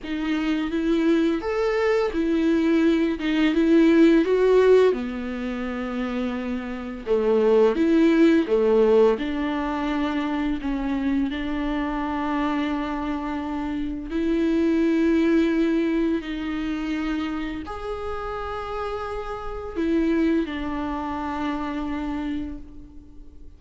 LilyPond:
\new Staff \with { instrumentName = "viola" } { \time 4/4 \tempo 4 = 85 dis'4 e'4 a'4 e'4~ | e'8 dis'8 e'4 fis'4 b4~ | b2 a4 e'4 | a4 d'2 cis'4 |
d'1 | e'2. dis'4~ | dis'4 gis'2. | e'4 d'2. | }